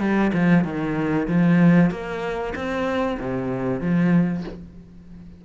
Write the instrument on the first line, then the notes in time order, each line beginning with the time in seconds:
cello
0.00 G3
0.34 F3
0.65 D#3
1.28 F3
1.91 A#3
2.56 C4
3.20 C3
3.81 F3